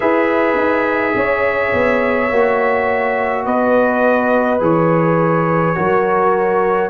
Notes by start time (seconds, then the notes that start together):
0.00 E4 G#4 B4 E5
0.56 D#4
1.15 C#4 C#5
1.73 B3
2.30 A#3 F#4
3.45 B3 B4 D#5
4.59 E3 G#4 C#5
5.75 F#3 F#4 A#4